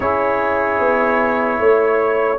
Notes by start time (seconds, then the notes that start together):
0.00 C#4 E4 G#4 C#5
0.79 B3
1.59 A3 C#5